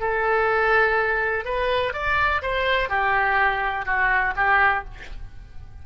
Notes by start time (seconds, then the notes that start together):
0.00 A4
1.45 B4
1.93 D5
2.42 C5
2.89 G4
3.86 F#4
4.36 G4